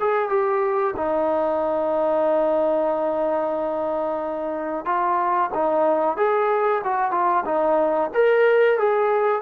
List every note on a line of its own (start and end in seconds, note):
0.00 0.29 G#4
0.29 0.94 G4
0.96 4.85 D#4
4.85 5.50 F4
5.54 6.17 D#4
6.17 6.82 G#4
6.84 7.11 F#4
7.11 7.44 F4
7.45 8.10 D#4
8.14 8.78 A#4
8.78 9.42 G#4